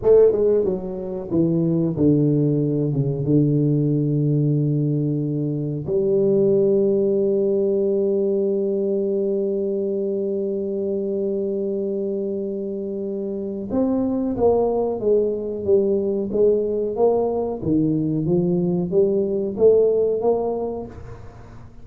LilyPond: \new Staff \with { instrumentName = "tuba" } { \time 4/4 \tempo 4 = 92 a8 gis8 fis4 e4 d4~ | d8 cis8 d2.~ | d4 g2.~ | g1~ |
g1~ | g4 c'4 ais4 gis4 | g4 gis4 ais4 dis4 | f4 g4 a4 ais4 | }